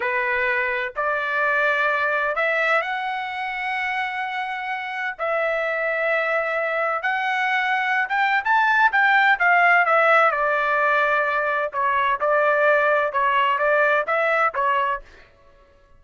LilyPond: \new Staff \with { instrumentName = "trumpet" } { \time 4/4 \tempo 4 = 128 b'2 d''2~ | d''4 e''4 fis''2~ | fis''2. e''4~ | e''2. fis''4~ |
fis''4~ fis''16 g''8. a''4 g''4 | f''4 e''4 d''2~ | d''4 cis''4 d''2 | cis''4 d''4 e''4 cis''4 | }